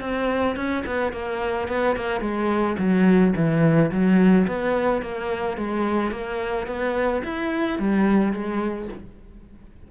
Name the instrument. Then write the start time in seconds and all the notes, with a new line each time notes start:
cello
0.00 C4
0.56 C#4
0.86 B3
1.12 A#3
1.68 B3
1.96 A#3
2.20 G#3
2.78 F#3
3.35 E3
3.91 F#3
4.47 B3
5.02 A#3
5.57 G#3
6.11 A#3
6.67 B3
7.23 E4
7.78 G3
8.33 G#3